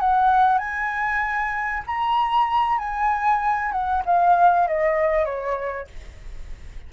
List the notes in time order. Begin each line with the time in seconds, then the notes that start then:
0.00 F#5
0.59 G#5
1.87 A#5
2.79 G#5
3.72 F#5
4.06 F5
4.68 D#5
5.25 C#5